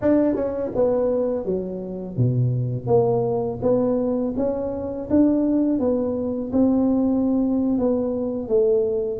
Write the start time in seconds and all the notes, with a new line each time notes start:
0.01 D4
0.35 C#4
0.75 B3
1.45 F#3
2.17 B2
2.87 A#3
3.61 B3
4.36 C#4
5.10 D4
5.79 B3
6.52 C4
7.78 B3
8.48 A3